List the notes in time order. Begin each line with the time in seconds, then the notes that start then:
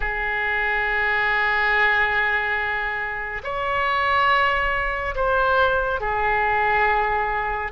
0.00 G#4
3.43 C#5
5.15 C5
6.00 G#4